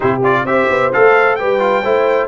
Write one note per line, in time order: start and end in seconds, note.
0.00 0.44 C3
0.00 0.20 E4
0.00 0.45 G4
0.00 0.19 C5
0.23 0.46 F4
0.23 0.46 D5
0.44 0.67 C4
0.44 0.92 G4
0.44 1.38 C5
0.44 0.91 E5
0.69 0.92 B3
0.92 1.41 A3
0.92 1.38 A4
0.92 1.35 F5
1.35 1.84 G3
1.35 1.59 G4
1.35 1.82 B4
1.35 2.27 G5
1.59 1.82 F4
1.82 2.27 A3
1.82 2.27 E4
1.82 2.27 C5